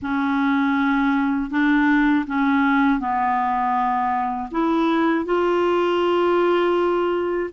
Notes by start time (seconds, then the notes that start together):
0.01 C#4
1.50 D4
2.27 C#4
2.99 B3
4.51 E4
5.25 F4